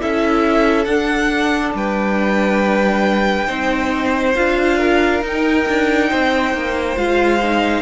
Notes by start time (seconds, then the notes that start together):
0.00 C#4 E4 A4 E5
0.85 D4 F#5
1.74 G3 B4 G5
3.47 C4 D#4 C5
4.36 D4 F4 F5
4.78 A#4
5.22 D#4 G5
5.68 D4
6.09 C4 C5
6.54 A#3
6.96 G#3 F4 F5
7.43 D#4